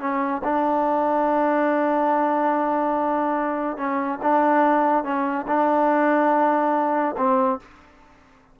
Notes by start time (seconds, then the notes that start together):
0.00 C#4
0.44 D4
3.77 C#4
4.23 D4
5.04 C#4
5.48 D4
7.18 C4